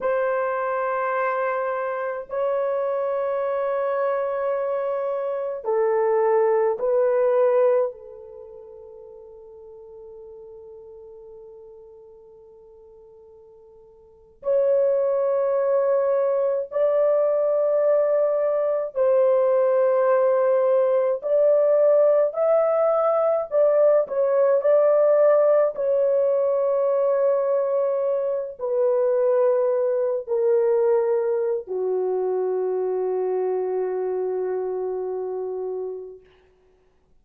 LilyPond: \new Staff \with { instrumentName = "horn" } { \time 4/4 \tempo 4 = 53 c''2 cis''2~ | cis''4 a'4 b'4 a'4~ | a'1~ | a'8. cis''2 d''4~ d''16~ |
d''8. c''2 d''4 e''16~ | e''8. d''8 cis''8 d''4 cis''4~ cis''16~ | cis''4~ cis''16 b'4. ais'4~ ais'16 | fis'1 | }